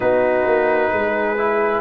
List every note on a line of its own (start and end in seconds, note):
0.00 0.46 B3
0.00 1.37 D#4
0.00 0.93 F#4
0.00 1.81 B4
0.46 0.92 A#3
0.92 1.81 G#3
0.92 1.81 G#4
1.37 1.81 E4